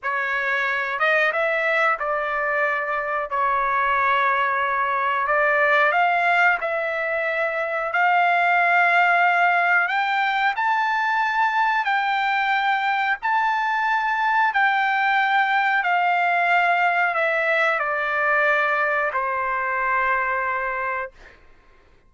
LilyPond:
\new Staff \with { instrumentName = "trumpet" } { \time 4/4 \tempo 4 = 91 cis''4. dis''8 e''4 d''4~ | d''4 cis''2. | d''4 f''4 e''2 | f''2. g''4 |
a''2 g''2 | a''2 g''2 | f''2 e''4 d''4~ | d''4 c''2. | }